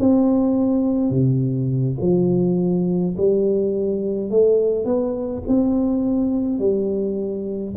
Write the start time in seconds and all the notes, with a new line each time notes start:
0.00 C4
1.10 C3
2.01 F3
3.17 G3
4.30 A3
4.85 B3
5.48 C4
6.59 G3